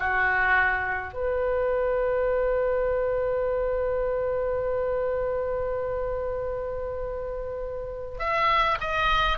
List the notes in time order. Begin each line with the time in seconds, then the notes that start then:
0.00 F#4
1.14 B4
8.20 E5
8.81 D#5